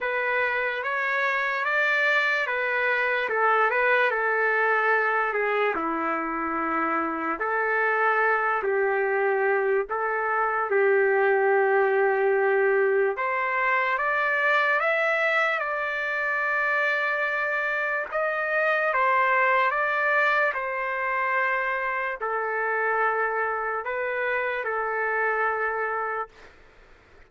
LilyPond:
\new Staff \with { instrumentName = "trumpet" } { \time 4/4 \tempo 4 = 73 b'4 cis''4 d''4 b'4 | a'8 b'8 a'4. gis'8 e'4~ | e'4 a'4. g'4. | a'4 g'2. |
c''4 d''4 e''4 d''4~ | d''2 dis''4 c''4 | d''4 c''2 a'4~ | a'4 b'4 a'2 | }